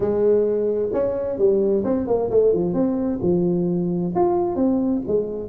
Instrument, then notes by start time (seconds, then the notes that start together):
tuba
0.00 G#3
0.92 C#4
1.38 G3
1.84 C4
2.07 A#3
2.30 A3
2.53 F3
2.73 C4
3.22 F3
4.15 F4
4.55 C4
5.07 G#3